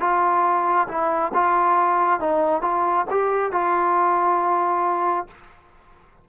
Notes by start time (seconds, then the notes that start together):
0.00 F4
0.88 E4
1.34 F4
2.20 D#4
2.62 F4
3.10 G4
3.52 F4